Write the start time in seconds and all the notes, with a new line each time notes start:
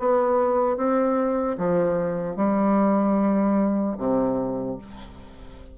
0.00 B3
0.77 C4
1.58 F3
2.36 G3
3.98 C3